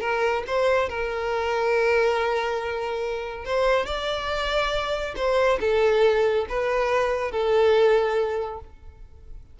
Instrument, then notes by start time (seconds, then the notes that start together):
violin
0.00 A#4
0.47 C5
0.89 A#4
3.45 C5
3.86 D5
5.16 C5
5.60 A4
6.49 B4
7.31 A4